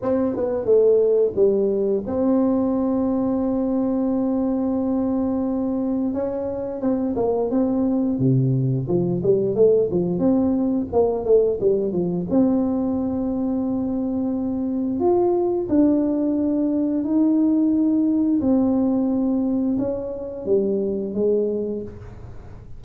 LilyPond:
\new Staff \with { instrumentName = "tuba" } { \time 4/4 \tempo 4 = 88 c'8 b8 a4 g4 c'4~ | c'1~ | c'4 cis'4 c'8 ais8 c'4 | c4 f8 g8 a8 f8 c'4 |
ais8 a8 g8 f8 c'2~ | c'2 f'4 d'4~ | d'4 dis'2 c'4~ | c'4 cis'4 g4 gis4 | }